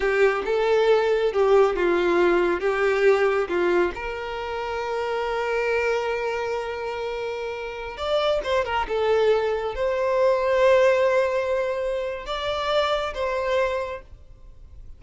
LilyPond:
\new Staff \with { instrumentName = "violin" } { \time 4/4 \tempo 4 = 137 g'4 a'2 g'4 | f'2 g'2 | f'4 ais'2.~ | ais'1~ |
ais'2~ ais'16 d''4 c''8 ais'16~ | ais'16 a'2 c''4.~ c''16~ | c''1 | d''2 c''2 | }